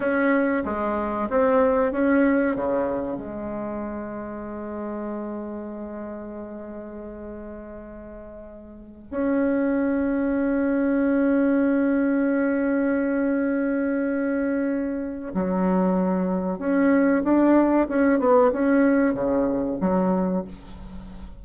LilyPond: \new Staff \with { instrumentName = "bassoon" } { \time 4/4 \tempo 4 = 94 cis'4 gis4 c'4 cis'4 | cis4 gis2.~ | gis1~ | gis2~ gis16 cis'4.~ cis'16~ |
cis'1~ | cis'1 | fis2 cis'4 d'4 | cis'8 b8 cis'4 cis4 fis4 | }